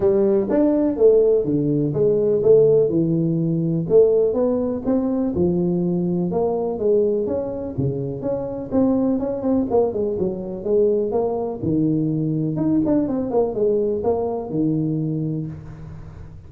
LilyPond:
\new Staff \with { instrumentName = "tuba" } { \time 4/4 \tempo 4 = 124 g4 d'4 a4 d4 | gis4 a4 e2 | a4 b4 c'4 f4~ | f4 ais4 gis4 cis'4 |
cis4 cis'4 c'4 cis'8 c'8 | ais8 gis8 fis4 gis4 ais4 | dis2 dis'8 d'8 c'8 ais8 | gis4 ais4 dis2 | }